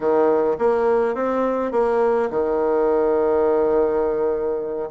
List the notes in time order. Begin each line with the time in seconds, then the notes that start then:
0.00 D#3
0.58 A#3
1.15 C4
1.72 A#3
2.30 D#3